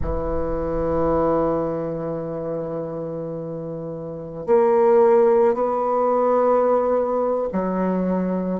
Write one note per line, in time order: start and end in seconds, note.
0.02 4.46 E3
4.46 5.54 A#3
5.54 7.48 B3
7.52 8.60 F#3